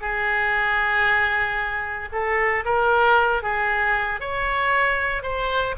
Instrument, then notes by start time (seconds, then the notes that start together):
oboe
0.00 G#4
2.12 A4
2.65 A#4
3.42 G#4
4.20 C#5
5.22 C5